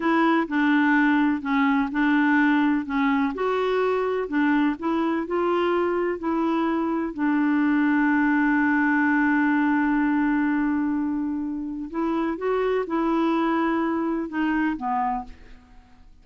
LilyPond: \new Staff \with { instrumentName = "clarinet" } { \time 4/4 \tempo 4 = 126 e'4 d'2 cis'4 | d'2 cis'4 fis'4~ | fis'4 d'4 e'4 f'4~ | f'4 e'2 d'4~ |
d'1~ | d'1~ | d'4 e'4 fis'4 e'4~ | e'2 dis'4 b4 | }